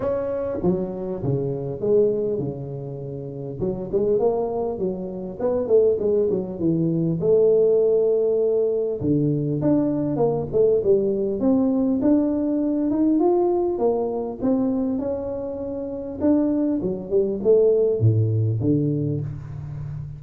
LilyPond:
\new Staff \with { instrumentName = "tuba" } { \time 4/4 \tempo 4 = 100 cis'4 fis4 cis4 gis4 | cis2 fis8 gis8 ais4 | fis4 b8 a8 gis8 fis8 e4 | a2. d4 |
d'4 ais8 a8 g4 c'4 | d'4. dis'8 f'4 ais4 | c'4 cis'2 d'4 | fis8 g8 a4 a,4 d4 | }